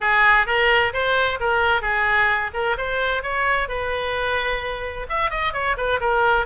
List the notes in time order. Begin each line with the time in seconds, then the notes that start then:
0.01 G#4
0.46 A#4
0.93 C5
1.40 A#4
1.81 G#4
2.53 A#4
2.77 C5
3.22 C#5
3.68 B4
5.09 E5
5.30 D#5
5.53 C#5
5.77 B4
6.00 A#4